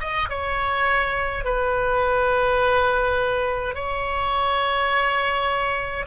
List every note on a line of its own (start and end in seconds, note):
0.00 0.29 D#5
0.29 1.45 C#5
1.45 3.75 B4
3.75 6.06 C#5